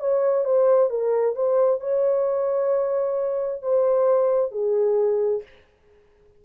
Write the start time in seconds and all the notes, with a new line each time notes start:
0.00 C#5
0.45 C5
0.90 A#4
1.36 C5
1.81 C#5
3.62 C5
4.52 G#4